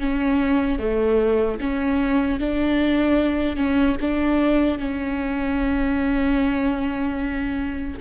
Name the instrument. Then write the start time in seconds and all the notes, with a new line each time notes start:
viola
0.00 C#4
0.79 A3
1.61 C#4
2.40 D4
3.57 C#4
4.01 D4
4.79 C#4